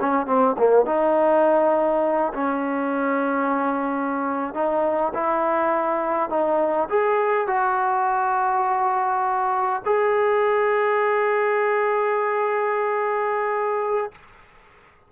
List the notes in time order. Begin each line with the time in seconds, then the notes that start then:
0.00 C#4
0.26 C4
0.58 A#3
0.86 D#4
2.34 C#4
4.54 D#4
5.14 E4
6.29 D#4
6.89 G#4
7.47 F#4
9.85 G#4